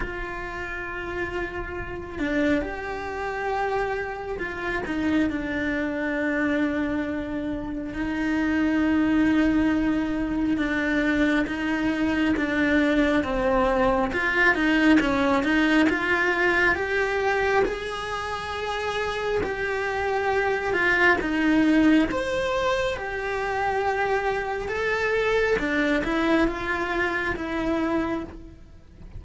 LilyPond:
\new Staff \with { instrumentName = "cello" } { \time 4/4 \tempo 4 = 68 f'2~ f'8 d'8 g'4~ | g'4 f'8 dis'8 d'2~ | d'4 dis'2. | d'4 dis'4 d'4 c'4 |
f'8 dis'8 cis'8 dis'8 f'4 g'4 | gis'2 g'4. f'8 | dis'4 c''4 g'2 | a'4 d'8 e'8 f'4 e'4 | }